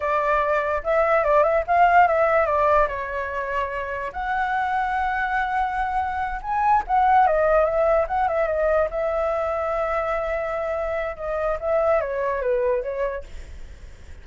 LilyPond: \new Staff \with { instrumentName = "flute" } { \time 4/4 \tempo 4 = 145 d''2 e''4 d''8 e''8 | f''4 e''4 d''4 cis''4~ | cis''2 fis''2~ | fis''2.~ fis''8 gis''8~ |
gis''8 fis''4 dis''4 e''4 fis''8 | e''8 dis''4 e''2~ e''8~ | e''2. dis''4 | e''4 cis''4 b'4 cis''4 | }